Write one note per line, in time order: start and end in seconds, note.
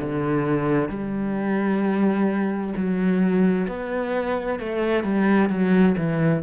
0.00 0.89 D3
0.89 2.74 G3
2.77 3.68 F#3
3.68 4.60 B3
4.60 5.04 A3
5.04 5.50 G3
5.50 5.96 F#3
5.98 6.43 E3